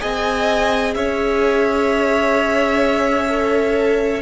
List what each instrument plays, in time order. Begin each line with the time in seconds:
0.00 cello C4, viola G#4, violin D#5 G#5
0.95 cello C#4, violin C#5 E5
3.29 viola A4